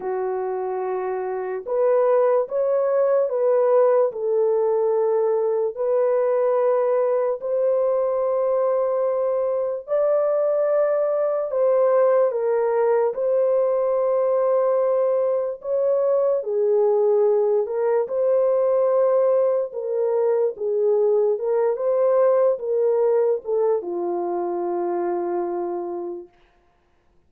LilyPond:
\new Staff \with { instrumentName = "horn" } { \time 4/4 \tempo 4 = 73 fis'2 b'4 cis''4 | b'4 a'2 b'4~ | b'4 c''2. | d''2 c''4 ais'4 |
c''2. cis''4 | gis'4. ais'8 c''2 | ais'4 gis'4 ais'8 c''4 ais'8~ | ais'8 a'8 f'2. | }